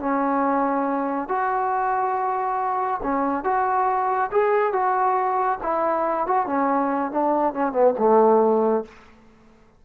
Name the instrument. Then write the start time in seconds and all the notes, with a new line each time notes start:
trombone
0.00 C#4
1.29 F#4
3.03 C#4
3.44 F#4
4.32 G#4
4.73 F#4
5.63 E4
6.27 F#4
6.47 C#4
7.11 D4
7.54 C#4
7.73 B3
7.99 A3